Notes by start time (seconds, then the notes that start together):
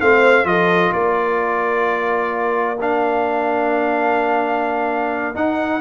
0.00 A3 C4 C5 F5
0.44 F3 F4 A4 D#5
0.92 A#3 A#4 D5
2.80 D4 F5
5.34 D#4 F#5